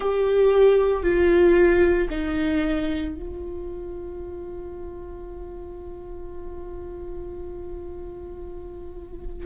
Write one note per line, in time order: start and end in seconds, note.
0.00 1.02 G4
1.02 2.08 F4
2.10 3.15 D#4
3.15 9.46 F4